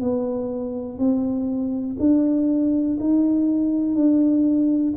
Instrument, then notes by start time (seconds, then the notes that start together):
tuba
0.00 B3
0.98 C4
1.99 D4
3.00 D#4
3.95 D4